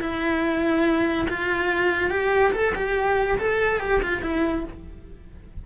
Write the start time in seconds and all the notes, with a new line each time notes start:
0.00 E4
1.28 F4
2.10 G4
2.52 A4
2.75 G4
3.38 A4
3.80 G4
4.02 F4
4.22 E4